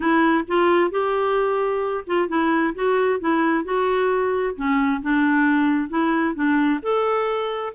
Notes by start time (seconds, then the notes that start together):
0.00 E4
0.47 F4
0.90 G4
2.06 F4
2.28 E4
2.74 F#4
3.20 E4
3.64 F#4
4.55 C#4
5.01 D4
5.89 E4
6.34 D4
6.82 A4